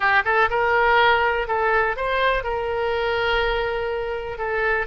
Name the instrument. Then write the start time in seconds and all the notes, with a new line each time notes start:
oboe
0.00 G4
0.24 A4
0.50 A#4
1.47 A4
1.96 C5
2.43 A#4
4.37 A4